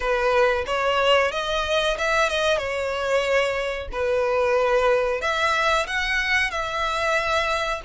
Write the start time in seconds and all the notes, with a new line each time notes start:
0.00 B4
0.66 C#5
1.31 D#5
1.97 E5
2.29 D#5
2.57 C#5
3.91 B4
5.21 E5
5.86 F#5
6.50 E5